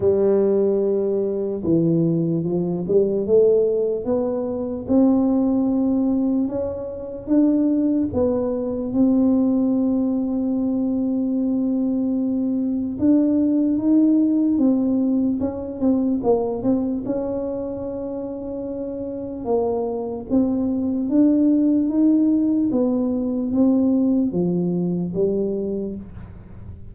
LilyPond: \new Staff \with { instrumentName = "tuba" } { \time 4/4 \tempo 4 = 74 g2 e4 f8 g8 | a4 b4 c'2 | cis'4 d'4 b4 c'4~ | c'1 |
d'4 dis'4 c'4 cis'8 c'8 | ais8 c'8 cis'2. | ais4 c'4 d'4 dis'4 | b4 c'4 f4 g4 | }